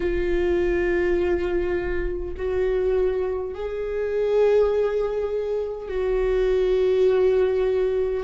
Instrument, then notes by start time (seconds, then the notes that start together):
viola
0.00 F4
2.36 F#4
3.54 G#4
5.88 F#4